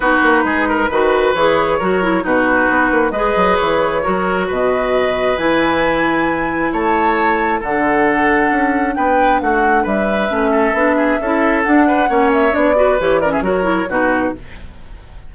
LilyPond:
<<
  \new Staff \with { instrumentName = "flute" } { \time 4/4 \tempo 4 = 134 b'2. cis''4~ | cis''4 b'2 dis''4 | cis''2 dis''2 | gis''2. a''4~ |
a''4 fis''2. | g''4 fis''4 e''2~ | e''2 fis''4. e''8 | d''4 cis''8 d''16 e''16 cis''4 b'4 | }
  \new Staff \with { instrumentName = "oboe" } { \time 4/4 fis'4 gis'8 ais'8 b'2 | ais'4 fis'2 b'4~ | b'4 ais'4 b'2~ | b'2. cis''4~ |
cis''4 a'2. | b'4 fis'4 b'4. a'8~ | a'8 gis'8 a'4. b'8 cis''4~ | cis''8 b'4 ais'16 gis'16 ais'4 fis'4 | }
  \new Staff \with { instrumentName = "clarinet" } { \time 4/4 dis'2 fis'4 gis'4 | fis'8 e'8 dis'2 gis'4~ | gis'4 fis'2. | e'1~ |
e'4 d'2.~ | d'2. cis'4 | d'4 e'4 d'4 cis'4 | d'8 fis'8 g'8 cis'8 fis'8 e'8 dis'4 | }
  \new Staff \with { instrumentName = "bassoon" } { \time 4/4 b8 ais8 gis4 dis4 e4 | fis4 b,4 b8 ais8 gis8 fis8 | e4 fis4 b,2 | e2. a4~ |
a4 d2 cis'4 | b4 a4 g4 a4 | b4 cis'4 d'4 ais4 | b4 e4 fis4 b,4 | }
>>